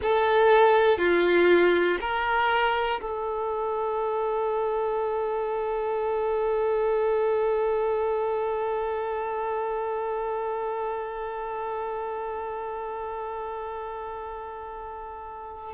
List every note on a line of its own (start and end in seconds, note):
0.02 0.97 A4
0.97 1.97 F4
2.00 3.00 A#4
3.01 15.73 A4